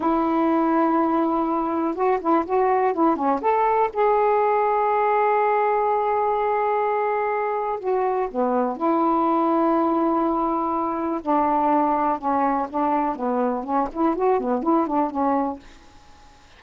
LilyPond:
\new Staff \with { instrumentName = "saxophone" } { \time 4/4 \tempo 4 = 123 e'1 | fis'8 e'8 fis'4 e'8 cis'8 a'4 | gis'1~ | gis'1 |
fis'4 b4 e'2~ | e'2. d'4~ | d'4 cis'4 d'4 b4 | cis'8 e'8 fis'8 b8 e'8 d'8 cis'4 | }